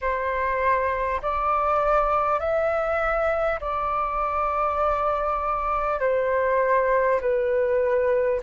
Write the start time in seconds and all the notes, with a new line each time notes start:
0.01 C5
1.22 D5
2.39 E5
3.60 D5
6.00 C5
7.21 B4